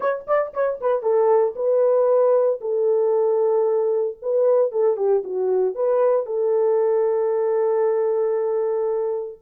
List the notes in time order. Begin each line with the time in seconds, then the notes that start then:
0.00 C#5
0.27 D5
0.53 C#5
0.80 B4
1.02 A4
1.55 B4
2.60 A4
4.21 B4
4.71 A4
4.96 G4
5.23 F#4
5.74 B4
6.26 A4